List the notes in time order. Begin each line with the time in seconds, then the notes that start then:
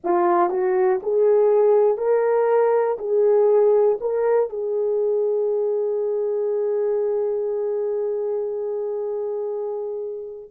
0.04 F4
0.50 F#4
1.02 G#4
1.97 A#4
2.98 G#4
4.00 A#4
4.50 G#4